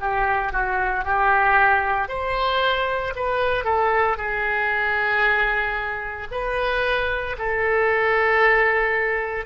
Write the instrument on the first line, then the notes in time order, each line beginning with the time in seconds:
oboe
0.00 G4
0.53 F#4
1.05 G4
2.09 C5
3.16 B4
3.65 A4
4.17 G#4
6.32 B4
7.38 A4